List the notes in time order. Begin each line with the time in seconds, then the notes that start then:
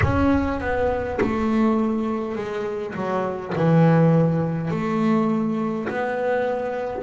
0.02 C#4
0.60 B3
1.21 A3
2.35 G#3
2.94 F#3
3.55 E3
4.71 A3
5.88 B3